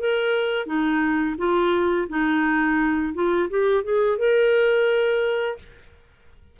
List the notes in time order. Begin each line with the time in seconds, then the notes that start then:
0.00 A#4
0.67 D#4
1.38 F4
2.10 D#4
3.15 F4
3.50 G4
3.84 G#4
4.19 A#4